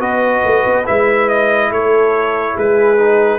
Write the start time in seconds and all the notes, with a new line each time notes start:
0.00 B3 F#4 B4 D#5
0.45 A3
0.67 B3
0.86 G#3 E4 E5
1.29 D#5
1.71 A3 A4 C#5
2.54 G#3 G#4 B4
2.99 D#4